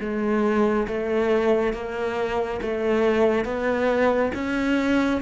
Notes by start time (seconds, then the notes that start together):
0.00 G#3
0.88 A3
1.73 A#3
2.61 A3
3.45 B3
4.34 C#4